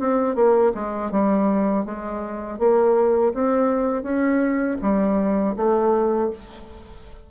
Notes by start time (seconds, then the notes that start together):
0.00 C4
0.36 A#3
0.75 G#3
1.12 G3
1.86 G#3
2.59 A#3
3.35 C4
4.03 C#4
4.82 G3
5.57 A3